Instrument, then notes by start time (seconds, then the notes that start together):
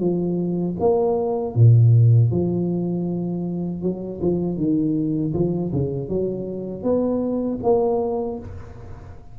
tuba
0.00 F3
0.80 A#3
1.55 A#2
2.31 F3
3.83 F#3
4.21 F3
4.57 D#3
5.33 F3
5.73 C#3
6.09 F#3
6.83 B3
7.63 A#3